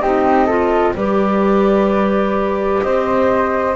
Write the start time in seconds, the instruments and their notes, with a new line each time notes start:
0.00 double bass C4, clarinet D#4, flute G4 D#5
0.46 clarinet F4, flute A4
0.95 double bass G3, clarinet G4, flute B4 D5
2.82 double bass C4, flute C5 D#5